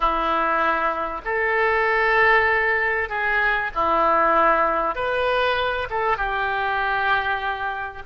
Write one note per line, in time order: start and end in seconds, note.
0.00 1.21 E4
1.24 3.09 A4
3.09 3.71 G#4
3.74 4.95 E4
4.95 5.88 B4
5.89 6.17 A4
6.17 8.02 G4